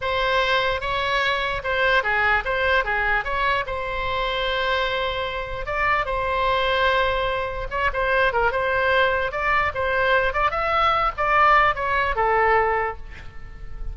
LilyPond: \new Staff \with { instrumentName = "oboe" } { \time 4/4 \tempo 4 = 148 c''2 cis''2 | c''4 gis'4 c''4 gis'4 | cis''4 c''2.~ | c''2 d''4 c''4~ |
c''2. cis''8 c''8~ | c''8 ais'8 c''2 d''4 | c''4. d''8 e''4. d''8~ | d''4 cis''4 a'2 | }